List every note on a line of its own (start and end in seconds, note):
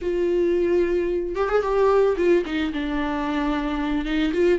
0.01 1.35 F4
1.35 1.49 G4
1.49 1.62 G#4
1.62 2.16 G4
2.16 2.43 F4
2.45 2.72 D#4
2.73 4.05 D4
4.05 4.32 D#4
4.33 4.59 F4